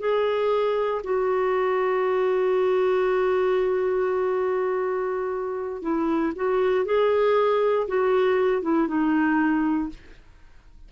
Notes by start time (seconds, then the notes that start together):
0.00 G#4
1.04 F#4
5.82 E4
6.36 F#4
6.86 G#4
7.88 F#4
8.63 E4
8.88 D#4